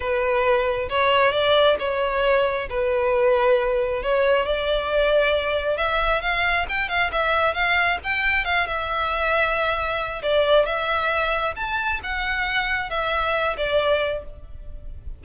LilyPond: \new Staff \with { instrumentName = "violin" } { \time 4/4 \tempo 4 = 135 b'2 cis''4 d''4 | cis''2 b'2~ | b'4 cis''4 d''2~ | d''4 e''4 f''4 g''8 f''8 |
e''4 f''4 g''4 f''8 e''8~ | e''2. d''4 | e''2 a''4 fis''4~ | fis''4 e''4. d''4. | }